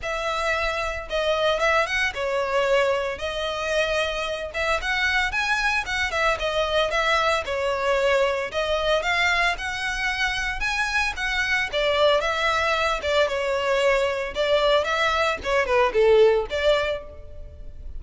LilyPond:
\new Staff \with { instrumentName = "violin" } { \time 4/4 \tempo 4 = 113 e''2 dis''4 e''8 fis''8 | cis''2 dis''2~ | dis''8 e''8 fis''4 gis''4 fis''8 e''8 | dis''4 e''4 cis''2 |
dis''4 f''4 fis''2 | gis''4 fis''4 d''4 e''4~ | e''8 d''8 cis''2 d''4 | e''4 cis''8 b'8 a'4 d''4 | }